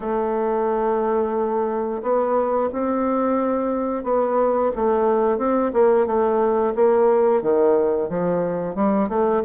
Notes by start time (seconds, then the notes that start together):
0.00 A3
2.02 B3
2.72 C4
4.03 B3
4.75 A3
5.37 C4
5.73 A#3
6.06 A3
6.75 A#3
7.42 D#3
8.09 F3
8.75 G3
9.09 A3